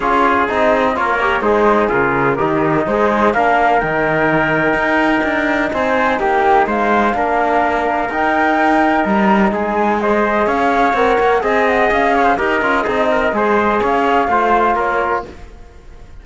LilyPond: <<
  \new Staff \with { instrumentName = "flute" } { \time 4/4 \tempo 4 = 126 cis''4 dis''4 cis''4 c''4 | ais'2 c''4 f''4 | g''1 | gis''4 g''4 f''2~ |
f''4 g''2 ais''4 | gis''4 dis''4 f''4 fis''4 | gis''8 fis''8 f''4 dis''2~ | dis''4 f''2 cis''4 | }
  \new Staff \with { instrumentName = "trumpet" } { \time 4/4 gis'2 ais'4 dis'4 | f'4 dis'2 ais'4~ | ais'1 | c''4 g'4 c''4 ais'4~ |
ais'1 | gis'4 c''4 cis''2 | dis''4. cis''16 c''16 ais'4 gis'8 ais'8 | c''4 cis''4 c''4 ais'4 | }
  \new Staff \with { instrumentName = "trombone" } { \time 4/4 f'4 dis'4 f'8 g'8 gis'4~ | gis'4 g'4 gis'4 d'4 | dis'1~ | dis'2. d'4~ |
d'4 dis'2.~ | dis'4 gis'2 ais'4 | gis'2 g'8 f'8 dis'4 | gis'2 f'2 | }
  \new Staff \with { instrumentName = "cello" } { \time 4/4 cis'4 c'4 ais4 gis4 | cis4 dis4 gis4 ais4 | dis2 dis'4 d'4 | c'4 ais4 gis4 ais4~ |
ais4 dis'2 g4 | gis2 cis'4 c'8 ais8 | c'4 cis'4 dis'8 cis'8 c'4 | gis4 cis'4 a4 ais4 | }
>>